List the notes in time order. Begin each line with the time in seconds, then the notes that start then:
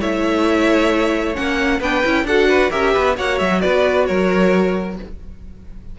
0.00 A3 E4 C#5 E5
1.35 A#3 C#4 F#5
1.79 B3 D4 B4 G5
2.03 C#4 E4
2.24 D4 F#4 A4 F#5
2.48 B4
2.70 C#4 G4 A#4 E5
2.93 B3 B4
3.16 A#3 F#4 C#5 F#5
3.39 F#3 E5
3.61 B3 B4 D5
4.06 F#3 A#4 C#5